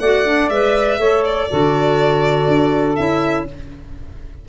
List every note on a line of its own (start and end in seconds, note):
0.00 0.50 A3
0.00 0.25 F#4
0.00 0.98 D5
0.00 0.49 F#5
0.25 0.50 D4
0.49 0.99 G#3
0.49 1.01 B4
0.49 1.24 E5
0.98 1.48 A3
0.98 1.51 A4
0.98 1.48 C#5
1.25 2.96 D5
1.49 2.48 D3
1.49 2.97 F#4
1.49 3.48 A4
2.48 2.97 D4
2.96 3.49 C#4
2.96 3.46 E4
2.96 3.45 E5